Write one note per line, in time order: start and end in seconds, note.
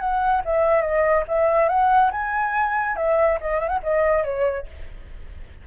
0.00 0.42 F#5
0.45 0.82 E5
0.82 1.24 D#5
1.28 1.69 E5
1.69 2.11 F#5
2.12 2.97 G#5
2.97 3.39 E5
3.41 3.60 D#5
3.60 3.69 E5
3.69 3.79 F#5
3.83 4.24 D#5
4.24 4.67 C#5